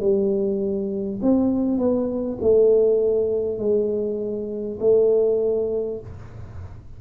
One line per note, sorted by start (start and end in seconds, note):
0.00 1.20 G3
1.22 1.77 C4
1.77 2.37 B3
2.41 3.58 A3
3.58 4.78 G#3
4.80 6.00 A3